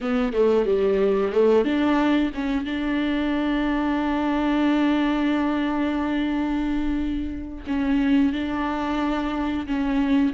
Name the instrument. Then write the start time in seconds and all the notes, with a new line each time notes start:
viola
0.00 B3
0.33 A3
0.65 G3
1.32 A3
1.64 D4
2.34 C#4
2.65 D4
7.66 C#4
8.32 D4
9.66 C#4